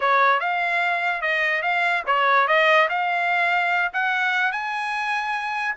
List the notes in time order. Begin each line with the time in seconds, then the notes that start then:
0.00 C#5
0.40 F5
1.21 D#5
1.62 F5
2.06 C#5
2.47 D#5
2.89 F5
3.93 F#5
4.51 G#5